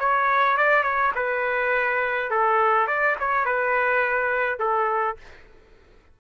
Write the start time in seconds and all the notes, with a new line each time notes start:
0.00 C#5
0.57 D5
0.84 C#5
1.16 B4
2.31 A4
2.88 D5
3.20 C#5
3.46 B4
4.60 A4